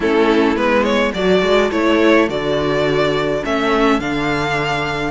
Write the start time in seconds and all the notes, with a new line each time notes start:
0.00 A3 C#4 E4 A4
0.56 G#3 B3 B4
0.83 C#5
1.13 F#3 F#4 A4 D5
1.42 G#3
1.71 A3 E4 C#5
2.28 D3 F#4 D5
3.44 A3 C#4 E5
3.99 D3 D4 F5